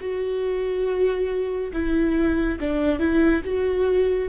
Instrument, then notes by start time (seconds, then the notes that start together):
viola
0.00 F#4
1.73 E4
2.60 D4
2.99 E4
3.44 F#4